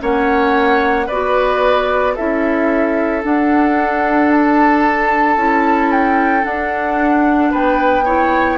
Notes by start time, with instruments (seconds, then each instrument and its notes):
0.00 bassoon A#3, clarinet C#4, oboe C#5, flute F#5
1.07 bassoon B3, clarinet F#4, oboe B4, flute D5
2.15 bassoon C#4, clarinet E4, oboe A4, flute E5
3.23 clarinet D4, bassoon D4, flute F#5
4.32 flute A5
5.37 bassoon C#4, clarinet E4
5.92 flute G5
6.42 clarinet D4, bassoon D4, flute F#5
7.51 bassoon B3, oboe B4, flute G5
8.05 clarinet E4, oboe C#5